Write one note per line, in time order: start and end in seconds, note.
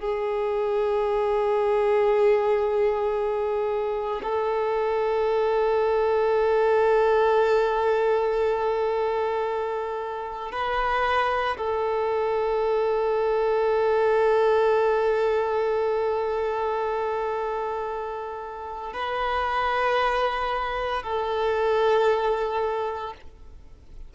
0.00 4.21 G#4
4.23 10.52 A4
10.52 11.57 B4
11.57 18.93 A4
18.93 21.03 B4
21.03 23.13 A4